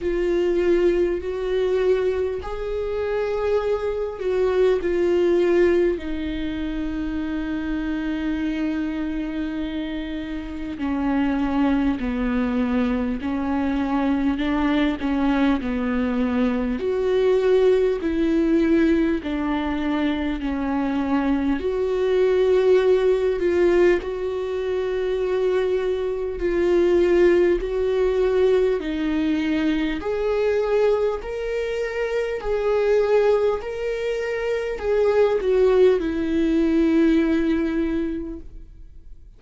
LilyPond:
\new Staff \with { instrumentName = "viola" } { \time 4/4 \tempo 4 = 50 f'4 fis'4 gis'4. fis'8 | f'4 dis'2.~ | dis'4 cis'4 b4 cis'4 | d'8 cis'8 b4 fis'4 e'4 |
d'4 cis'4 fis'4. f'8 | fis'2 f'4 fis'4 | dis'4 gis'4 ais'4 gis'4 | ais'4 gis'8 fis'8 e'2 | }